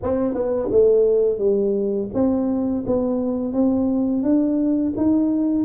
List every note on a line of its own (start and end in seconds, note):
0.02 0.34 C4
0.34 0.69 B3
0.71 1.38 A3
1.38 2.09 G3
2.14 2.84 C4
2.86 3.53 B3
3.53 4.22 C4
4.22 4.93 D4
4.96 5.65 D#4